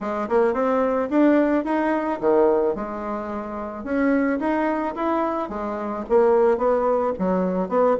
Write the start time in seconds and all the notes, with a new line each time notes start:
0.01 G#3
0.29 A#3
0.53 C4
1.10 D4
1.64 D#4
2.20 D#3
2.75 G#3
3.84 C#4
4.39 D#4
4.95 E4
5.49 G#3
6.09 A#3
6.57 B3
7.18 F#3
7.69 B3